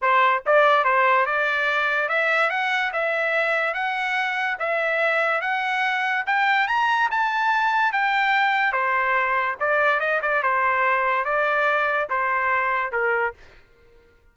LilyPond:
\new Staff \with { instrumentName = "trumpet" } { \time 4/4 \tempo 4 = 144 c''4 d''4 c''4 d''4~ | d''4 e''4 fis''4 e''4~ | e''4 fis''2 e''4~ | e''4 fis''2 g''4 |
ais''4 a''2 g''4~ | g''4 c''2 d''4 | dis''8 d''8 c''2 d''4~ | d''4 c''2 ais'4 | }